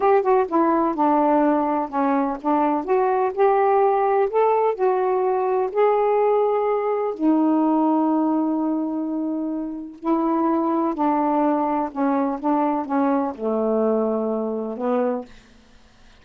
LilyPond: \new Staff \with { instrumentName = "saxophone" } { \time 4/4 \tempo 4 = 126 g'8 fis'8 e'4 d'2 | cis'4 d'4 fis'4 g'4~ | g'4 a'4 fis'2 | gis'2. dis'4~ |
dis'1~ | dis'4 e'2 d'4~ | d'4 cis'4 d'4 cis'4 | a2. b4 | }